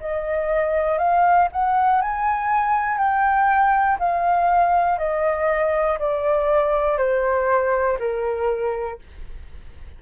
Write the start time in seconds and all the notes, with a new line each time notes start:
0.00 D#5
0.99 F5
1.52 F#5
2.01 G#5
2.98 G5
3.99 F5
4.98 D#5
6.00 D5
6.98 C5
7.99 A#4